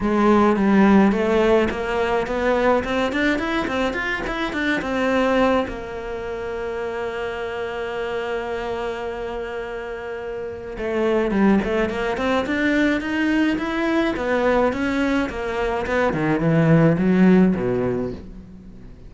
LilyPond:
\new Staff \with { instrumentName = "cello" } { \time 4/4 \tempo 4 = 106 gis4 g4 a4 ais4 | b4 c'8 d'8 e'8 c'8 f'8 e'8 | d'8 c'4. ais2~ | ais1~ |
ais2. a4 | g8 a8 ais8 c'8 d'4 dis'4 | e'4 b4 cis'4 ais4 | b8 dis8 e4 fis4 b,4 | }